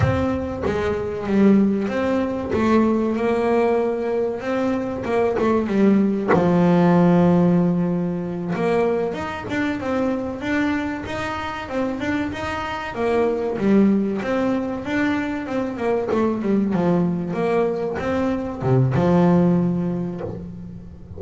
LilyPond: \new Staff \with { instrumentName = "double bass" } { \time 4/4 \tempo 4 = 95 c'4 gis4 g4 c'4 | a4 ais2 c'4 | ais8 a8 g4 f2~ | f4. ais4 dis'8 d'8 c'8~ |
c'8 d'4 dis'4 c'8 d'8 dis'8~ | dis'8 ais4 g4 c'4 d'8~ | d'8 c'8 ais8 a8 g8 f4 ais8~ | ais8 c'4 c8 f2 | }